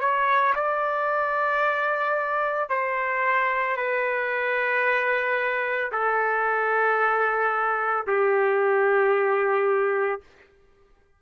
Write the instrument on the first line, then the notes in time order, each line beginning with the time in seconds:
trumpet
0.00 C#5
0.55 D5
2.69 C5
3.76 B4
5.92 A4
8.06 G4